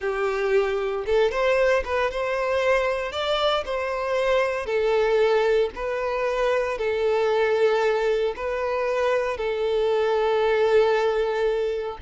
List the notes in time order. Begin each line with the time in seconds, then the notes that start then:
0.00 G4
1.06 A4
1.31 C5
1.85 B4
2.10 C5
3.11 D5
3.65 C5
4.66 A4
5.75 B4
6.78 A4
8.36 B4
9.37 A4